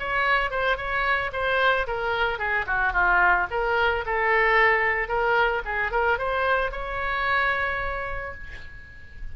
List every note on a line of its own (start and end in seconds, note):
0.00 0.51 C#5
0.51 0.77 C5
0.77 1.31 C#5
1.33 1.87 C5
1.87 2.39 A#4
2.39 2.66 G#4
2.67 2.94 F#4
2.94 3.48 F4
3.51 4.05 A#4
4.06 5.09 A4
5.09 5.63 A#4
5.65 5.92 G#4
5.92 6.19 A#4
6.19 6.72 C5
6.72 8.34 C#5